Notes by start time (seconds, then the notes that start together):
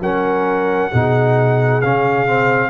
0.00 F#3 C#4 A#4 F#5
0.93 B2 D#4 G#4
1.82 C#3 C#4 F5
2.26 C4